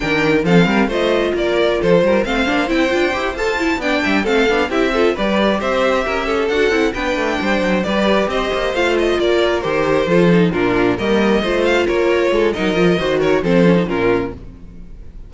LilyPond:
<<
  \new Staff \with { instrumentName = "violin" } { \time 4/4 \tempo 4 = 134 g''4 f''4 dis''4 d''4 | c''4 f''4 g''4. a''8~ | a''8 g''4 f''4 e''4 d''8~ | d''8 e''2 fis''4 g''8~ |
g''4. d''4 dis''4 f''8 | dis''8 d''4 c''2 ais'8~ | ais'8 dis''4. f''8 cis''4. | dis''4. cis''8 c''4 ais'4 | }
  \new Staff \with { instrumentName = "violin" } { \time 4/4 ais'4 a'8 ais'8 c''4 ais'4 | a'8 ais'8 c''2.~ | c''8 d''8 e''8 a'4 g'8 a'8 b'8~ | b'8 c''4 ais'8 a'4. b'8~ |
b'8 c''4 b'4 c''4.~ | c''8 ais'2 a'4 f'8~ | f'8 ais'4 c''4 ais'4 a'8 | ais'4 c''8 ais'8 a'4 f'4 | }
  \new Staff \with { instrumentName = "viola" } { \time 4/4 d'4 c'4 f'2~ | f'4 c'8 d'8 e'8 f'8 g'8 a'8 | e'8 d'4 c'8 d'8 e'8 f'8 g'8~ | g'2~ g'8 fis'8 e'8 d'8~ |
d'4. g'2 f'8~ | f'4. g'4 f'8 dis'8 d'8~ | d'8 ais4 f'2~ f'8 | dis'8 f'8 fis'4 c'8 cis'16 dis'16 cis'4 | }
  \new Staff \with { instrumentName = "cello" } { \time 4/4 dis4 f8 g8 a4 ais4 | f8 g8 a8 ais8 c'8 d'8 e'8 f'8~ | f'8 b8 g8 a8 b8 c'4 g8~ | g8 c'4 cis'4 d'8 c'8 b8 |
a8 g8 fis8 g4 c'8 ais8 a8~ | a8 ais4 dis4 f4 ais,8~ | ais,8 g4 a4 ais4 gis8 | fis8 f8 dis4 f4 ais,4 | }
>>